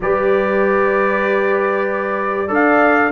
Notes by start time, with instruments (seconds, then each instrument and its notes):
0.00 tuba G3, trombone G4, horn B4, trumpet D5
2.47 tuba D4, trombone A4, horn D5
2.54 trumpet F5